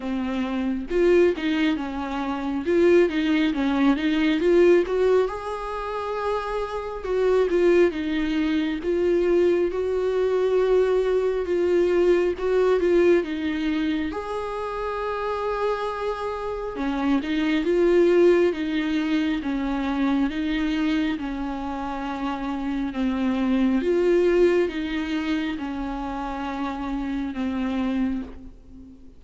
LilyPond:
\new Staff \with { instrumentName = "viola" } { \time 4/4 \tempo 4 = 68 c'4 f'8 dis'8 cis'4 f'8 dis'8 | cis'8 dis'8 f'8 fis'8 gis'2 | fis'8 f'8 dis'4 f'4 fis'4~ | fis'4 f'4 fis'8 f'8 dis'4 |
gis'2. cis'8 dis'8 | f'4 dis'4 cis'4 dis'4 | cis'2 c'4 f'4 | dis'4 cis'2 c'4 | }